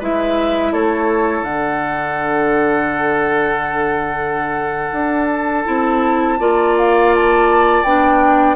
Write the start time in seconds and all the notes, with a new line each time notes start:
0.00 G#3 E4 B4 E5
0.72 A3 A4 C#5
1.42 D3 D4 F#5
4.93 D4
5.32 A5
5.66 C4 E4
6.40 A#3 F4 D5
6.78 F5
7.15 A5
7.84 B3 D4 G5